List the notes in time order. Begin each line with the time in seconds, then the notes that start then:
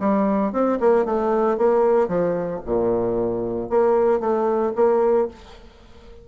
0.00 G3
0.52 C4
0.80 A#3
1.05 A3
1.57 A#3
2.08 F3
2.65 A#2
3.69 A#3
4.20 A3
4.75 A#3